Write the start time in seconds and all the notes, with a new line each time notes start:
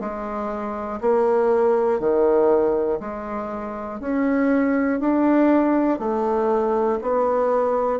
0.00 G#3
1.00 A#3
1.99 D#3
3.00 G#3
4.00 C#4
5.00 D4
5.99 A3
7.01 B3